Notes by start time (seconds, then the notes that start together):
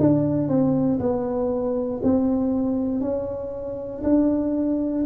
0.00 D4
0.49 C4
1.00 B3
2.03 C4
3.01 C#4
4.04 D4